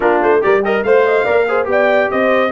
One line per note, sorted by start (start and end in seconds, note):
0.00 0.21 A#3
0.00 0.41 D4
0.00 0.42 F4
0.00 0.21 A#4
0.21 0.42 A3
0.21 0.42 C5
0.41 0.83 G3
0.41 0.62 G4
0.41 0.61 A#4
0.41 0.63 D5
0.61 0.82 G4
0.61 0.85 A#4
0.61 0.83 D#5
0.83 1.25 A3
0.83 1.05 C5
0.83 1.25 C5
0.83 1.67 F5
1.05 1.25 D#5
1.25 1.66 A#3
1.25 1.46 A#4
1.25 1.46 D5
1.48 1.65 G#4
1.48 1.69 C5
1.65 2.08 B3
1.65 2.49 G4
1.65 2.12 D5
1.65 2.10 G5
2.10 2.52 C4
2.10 2.52 C5
2.10 2.52 D#5